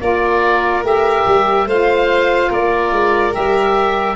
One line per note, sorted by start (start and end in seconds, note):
0.00 0.83 A#3
0.00 0.83 F4
0.00 1.67 A#4
0.00 0.83 D5
0.83 1.24 A3
0.83 1.66 G4
0.83 1.69 E5
1.26 1.66 G3
1.66 2.49 A3
1.66 3.31 F4
1.66 2.49 C5
1.66 2.52 F5
2.49 2.91 A#3
2.49 4.15 A#4
2.49 3.34 D5
2.91 3.33 G#3
3.31 4.15 G3
3.31 4.15 G4
3.31 4.15 E5